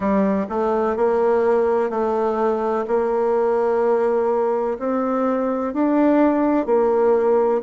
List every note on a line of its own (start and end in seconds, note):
0.00 0.46 G3
0.48 0.96 A3
0.96 1.90 A#3
1.90 2.85 A3
2.87 4.78 A#3
4.78 5.73 C4
5.73 6.65 D4
6.65 7.61 A#3